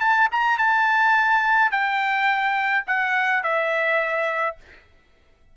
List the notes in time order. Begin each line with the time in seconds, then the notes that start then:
0.00 A5
0.31 A#5
0.58 A5
1.71 G5
2.87 F#5
3.43 E5